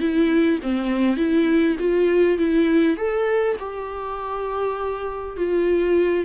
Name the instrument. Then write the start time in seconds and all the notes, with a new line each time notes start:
viola
0.00 E4
0.62 C4
1.17 E4
1.79 F4
2.38 E4
2.97 A4
3.59 G4
5.37 F4